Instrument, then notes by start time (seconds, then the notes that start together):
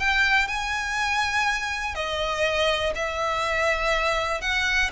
violin
0.00 G5
0.48 G#5
1.95 D#5
2.96 E5
4.42 F#5